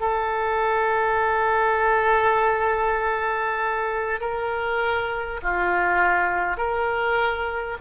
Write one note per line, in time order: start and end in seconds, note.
0.00 4.20 A4
4.21 5.41 A#4
5.43 6.57 F4
6.57 7.77 A#4